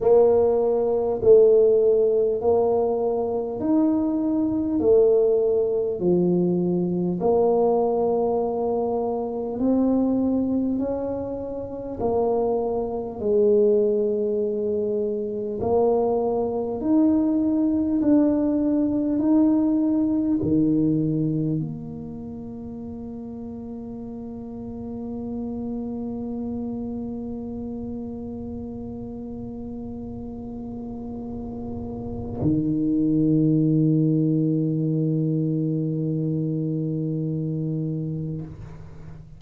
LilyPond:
\new Staff \with { instrumentName = "tuba" } { \time 4/4 \tempo 4 = 50 ais4 a4 ais4 dis'4 | a4 f4 ais2 | c'4 cis'4 ais4 gis4~ | gis4 ais4 dis'4 d'4 |
dis'4 dis4 ais2~ | ais1~ | ais2. dis4~ | dis1 | }